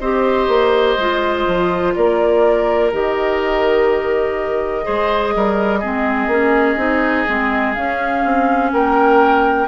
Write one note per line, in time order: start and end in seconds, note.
0.00 0.48 C4
0.00 0.99 G4
0.00 1.94 C5
0.00 1.94 D#5
0.48 0.96 A#3
0.98 1.46 G#3
0.98 2.92 F4
1.47 1.95 F3
1.95 2.93 A#3
1.95 4.85 A#4
1.95 2.92 D5
2.92 4.86 D#3
2.92 4.83 G4
2.92 7.73 D#5
4.83 5.35 G#3
4.83 5.80 G#4
4.83 5.33 C5
5.35 5.84 G3
5.35 5.79 A#4
5.79 6.27 G#3
5.79 6.30 C4
5.79 8.70 G#4
6.27 6.76 A#3
6.27 6.77 C#4
6.77 7.25 C4
6.77 7.26 D#4
7.28 7.77 G#3
7.28 7.76 C4
7.73 9.68 C#4
7.73 8.24 C#4
7.73 8.70 F5
8.24 8.72 C4
8.72 9.68 A#3
8.72 9.68 A#4
8.72 9.68 G5